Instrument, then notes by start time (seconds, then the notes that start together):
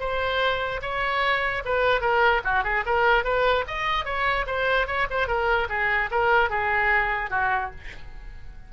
oboe
0.00 C5
0.82 C#5
1.65 B4
2.01 A#4
2.45 F#4
2.64 G#4
2.86 A#4
3.25 B4
3.68 D#5
4.05 C#5
4.47 C5
4.87 C#5
5.10 C5
5.28 A#4
5.69 G#4
6.11 A#4
6.50 G#4
7.30 F#4